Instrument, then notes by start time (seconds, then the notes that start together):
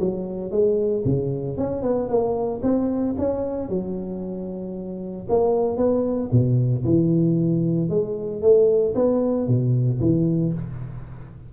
tuba
0.00 F#3
0.51 G#3
1.05 C#3
1.58 C#4
1.83 B3
2.09 A#3
2.63 C4
3.18 C#4
3.69 F#3
5.29 A#3
5.77 B3
6.32 B2
6.85 E3
7.89 G#3
8.42 A3
8.95 B3
9.48 B2
10.00 E3